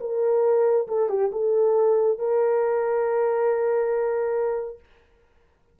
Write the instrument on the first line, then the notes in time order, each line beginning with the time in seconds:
horn
0.00 A#4
0.88 A4
1.09 G4
1.32 A4
2.19 A#4